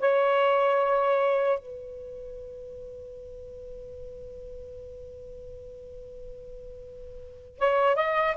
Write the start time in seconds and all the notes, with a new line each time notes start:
0.00 C#5
1.59 B4
7.59 C#5
7.95 D#5